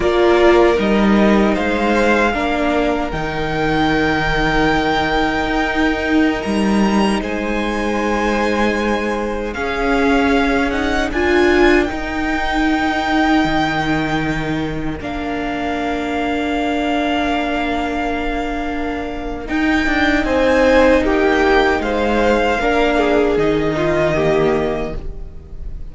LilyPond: <<
  \new Staff \with { instrumentName = "violin" } { \time 4/4 \tempo 4 = 77 d''4 dis''4 f''2 | g''1~ | g''16 ais''4 gis''2~ gis''8.~ | gis''16 f''4. fis''8 gis''4 g''8.~ |
g''2.~ g''16 f''8.~ | f''1~ | f''4 g''4 gis''4 g''4 | f''2 dis''2 | }
  \new Staff \with { instrumentName = "violin" } { \time 4/4 ais'2 c''4 ais'4~ | ais'1~ | ais'4~ ais'16 c''2~ c''8.~ | c''16 gis'2 ais'4.~ ais'16~ |
ais'1~ | ais'1~ | ais'2 c''4 g'4 | c''4 ais'8 gis'4 f'8 g'4 | }
  \new Staff \with { instrumentName = "viola" } { \time 4/4 f'4 dis'2 d'4 | dis'1~ | dis'1~ | dis'16 cis'4. dis'8 f'4 dis'8.~ |
dis'2.~ dis'16 d'8.~ | d'1~ | d'4 dis'2.~ | dis'4 d'4 dis'4 ais4 | }
  \new Staff \with { instrumentName = "cello" } { \time 4/4 ais4 g4 gis4 ais4 | dis2. dis'4~ | dis'16 g4 gis2~ gis8.~ | gis16 cis'2 d'4 dis'8.~ |
dis'4~ dis'16 dis2 ais8.~ | ais1~ | ais4 dis'8 d'8 c'4 ais4 | gis4 ais4 dis2 | }
>>